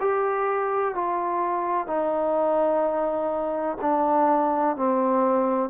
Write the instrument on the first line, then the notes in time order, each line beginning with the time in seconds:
trombone
0.00 G4
0.94 F4
1.87 D#4
3.81 D4
4.76 C4